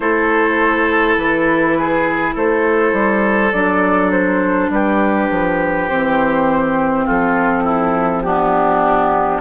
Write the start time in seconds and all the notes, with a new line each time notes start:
0.00 A3 E4 A4 C5
1.17 E3 B4
1.78 G#4
2.34 A3 A4 C5
2.92 G3
3.52 F#3 D4 D5
4.11 C5
4.69 G3 G4 B4
5.29 F3
5.88 E3 C4 C5
7.05 F3 F4 A4
7.63 E4
8.22 B3 D4 G4